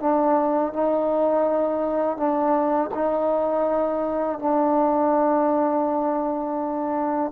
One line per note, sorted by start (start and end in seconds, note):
0.00 0.73 D4
0.73 2.17 D#4
2.17 2.90 D4
2.95 4.39 D#4
4.39 7.32 D4